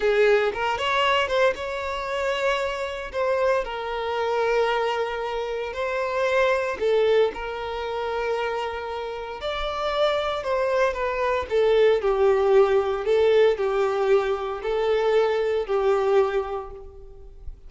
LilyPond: \new Staff \with { instrumentName = "violin" } { \time 4/4 \tempo 4 = 115 gis'4 ais'8 cis''4 c''8 cis''4~ | cis''2 c''4 ais'4~ | ais'2. c''4~ | c''4 a'4 ais'2~ |
ais'2 d''2 | c''4 b'4 a'4 g'4~ | g'4 a'4 g'2 | a'2 g'2 | }